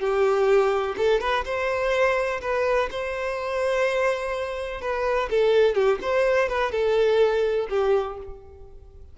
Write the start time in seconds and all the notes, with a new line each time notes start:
0.00 G4
0.98 A4
1.21 B4
1.45 C5
2.41 B4
2.91 C5
4.81 B4
5.30 A4
5.75 G4
6.02 C5
6.49 B4
6.72 A4
7.70 G4